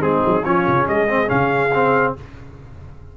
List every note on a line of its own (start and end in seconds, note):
0.00 0.22 G#3
0.00 0.42 C4
0.00 0.45 D#4
0.00 0.44 G#4
0.26 0.45 F#3
0.44 0.66 F3
0.44 1.07 C#4
0.44 0.87 F4
0.44 0.86 C#5
0.67 0.88 C#3
0.88 1.30 G#3
0.88 2.14 G#4
0.88 1.29 D#5
1.08 1.26 C4
1.26 2.15 C#3
1.26 1.69 C#4
1.26 2.14 F5
1.74 2.16 C4